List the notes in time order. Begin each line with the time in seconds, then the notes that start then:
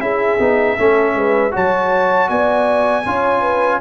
0.00 C#4 E4 G#4 E5
0.39 B3 D#4
0.78 A3 C#4 A4
1.15 G#3 B4
1.51 F#3 F#4 C#5 A5
2.29 B3 D5 G#5
3.05 C#4 F4 C#5
3.41 B4